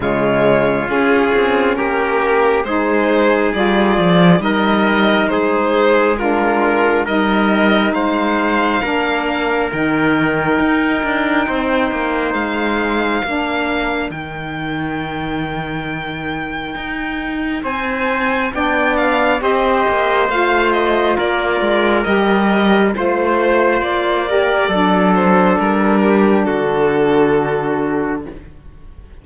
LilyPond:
<<
  \new Staff \with { instrumentName = "violin" } { \time 4/4 \tempo 4 = 68 cis''4 gis'4 ais'4 c''4 | d''4 dis''4 c''4 ais'4 | dis''4 f''2 g''4~ | g''2 f''2 |
g''1 | gis''4 g''8 f''8 dis''4 f''8 dis''8 | d''4 dis''4 c''4 d''4~ | d''8 c''8 ais'4 a'2 | }
  \new Staff \with { instrumentName = "trumpet" } { \time 4/4 f'2 g'4 gis'4~ | gis'4 ais'4 gis'4 f'4 | ais'4 c''4 ais'2~ | ais'4 c''2 ais'4~ |
ais'1 | c''4 d''4 c''2 | ais'2 c''4. ais'8 | a'4. g'8 fis'2 | }
  \new Staff \with { instrumentName = "saxophone" } { \time 4/4 gis4 cis'2 dis'4 | f'4 dis'2 d'4 | dis'2 d'4 dis'4~ | dis'2. d'4 |
dis'1~ | dis'4 d'4 g'4 f'4~ | f'4 g'4 f'4. g'8 | d'1 | }
  \new Staff \with { instrumentName = "cello" } { \time 4/4 cis4 cis'8 c'8 ais4 gis4 | g8 f8 g4 gis2 | g4 gis4 ais4 dis4 | dis'8 d'8 c'8 ais8 gis4 ais4 |
dis2. dis'4 | c'4 b4 c'8 ais8 a4 | ais8 gis8 g4 a4 ais4 | fis4 g4 d2 | }
>>